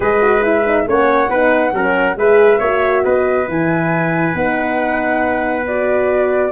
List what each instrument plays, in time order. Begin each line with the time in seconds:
0.00 tuba G#3, horn G#4, trumpet B4, flute D#5
0.22 horn F#4
0.42 horn E4, flute E5
0.66 horn D#4
0.87 tuba A#3, horn C#4, trumpet C#5, flute F#5
1.29 tuba B3, horn D#4, trumpet B4
1.72 tuba F#3, horn C#4, trumpet A#4
2.15 tuba G#3, horn G#4, trumpet B4, flute E5
2.58 tuba A#3, horn F#4, trumpet C#5
3.04 tuba B3, trumpet B4, flute D#5
3.47 tuba E3, horn E4, flute G#5
4.34 tuba B3, horn D#4, flute F#5
5.66 horn F#4, flute D5